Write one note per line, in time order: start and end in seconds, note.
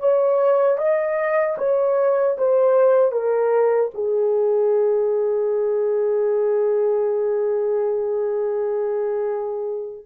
0.00 0.78 C#5
0.78 1.57 D#5
1.58 2.37 C#5
2.38 3.12 C5
3.12 3.91 A#4
3.94 10.06 G#4